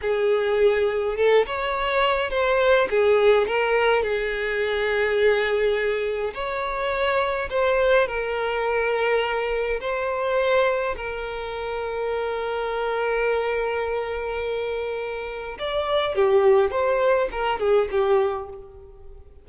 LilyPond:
\new Staff \with { instrumentName = "violin" } { \time 4/4 \tempo 4 = 104 gis'2 a'8 cis''4. | c''4 gis'4 ais'4 gis'4~ | gis'2. cis''4~ | cis''4 c''4 ais'2~ |
ais'4 c''2 ais'4~ | ais'1~ | ais'2. d''4 | g'4 c''4 ais'8 gis'8 g'4 | }